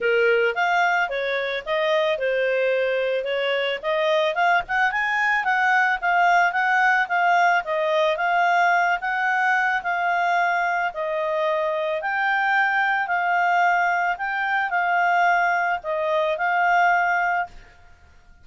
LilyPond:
\new Staff \with { instrumentName = "clarinet" } { \time 4/4 \tempo 4 = 110 ais'4 f''4 cis''4 dis''4 | c''2 cis''4 dis''4 | f''8 fis''8 gis''4 fis''4 f''4 | fis''4 f''4 dis''4 f''4~ |
f''8 fis''4. f''2 | dis''2 g''2 | f''2 g''4 f''4~ | f''4 dis''4 f''2 | }